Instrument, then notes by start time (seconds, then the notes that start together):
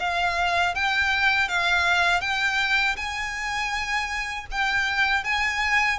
violin
0.00 F5
0.75 G5
1.49 F5
2.21 G5
2.97 G#5
4.51 G5
5.24 G#5